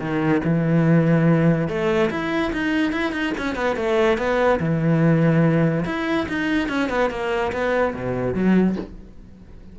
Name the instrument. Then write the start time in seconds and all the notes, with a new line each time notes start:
cello
0.00 D#3
0.44 E3
1.69 A3
2.11 E4
2.53 D#4
2.92 E4
3.12 D#4
3.38 C#4
3.56 B3
3.76 A3
4.18 B3
4.60 E3
5.85 E4
6.29 D#4
6.69 C#4
6.90 B3
7.11 A#3
7.52 B3
7.94 B2
8.34 F#3